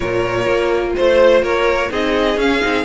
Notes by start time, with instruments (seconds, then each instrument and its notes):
0.00 cello A#2, viola F4, violin A#4 C#5
0.46 cello A#3
0.96 cello A3, violin C5
1.42 cello A#3, violin A#4 C#5
1.90 cello C4, viola D#4, violin G#4 D#5
2.37 cello C#4, viola C#4, violin F5
2.61 cello C4, viola D#4